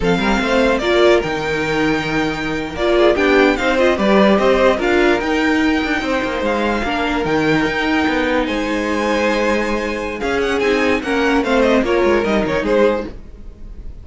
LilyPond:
<<
  \new Staff \with { instrumentName = "violin" } { \time 4/4 \tempo 4 = 147 f''2 d''4 g''4~ | g''2~ g''8. d''4 g''16~ | g''8. f''8 dis''8 d''4 dis''4 f''16~ | f''8. g''2. f''16~ |
f''4.~ f''16 g''2~ g''16~ | g''8. gis''2.~ gis''16~ | gis''4 f''8 fis''8 gis''4 fis''4 | f''8 dis''8 cis''4 dis''8 cis''8 c''4 | }
  \new Staff \with { instrumentName = "violin" } { \time 4/4 a'8 ais'8 c''4 ais'2~ | ais'2.~ ais'16 gis'8 g'16~ | g'8. c''4 b'4 c''4 ais'16~ | ais'2~ ais'8. c''4~ c''16~ |
c''8. ais'2.~ ais'16~ | ais'8. c''2.~ c''16~ | c''4 gis'2 ais'4 | c''4 ais'2 gis'4 | }
  \new Staff \with { instrumentName = "viola" } { \time 4/4 c'2 f'4 dis'4~ | dis'2~ dis'8. f'4 d'16~ | d'8. dis'8 f'8 g'2 f'16~ | f'8. dis'2.~ dis'16~ |
dis'8. d'4 dis'2~ dis'16~ | dis'1~ | dis'4 cis'4 dis'4 cis'4 | c'4 f'4 dis'2 | }
  \new Staff \with { instrumentName = "cello" } { \time 4/4 f8 g8 a4 ais4 dis4~ | dis2~ dis8. ais4 b16~ | b8. c'4 g4 c'4 d'16~ | d'8. dis'4. d'8 c'8 ais8 gis16~ |
gis8. ais4 dis4 dis'4 b16~ | b8. gis2.~ gis16~ | gis4 cis'4 c'4 ais4 | a4 ais8 gis8 g8 dis8 gis4 | }
>>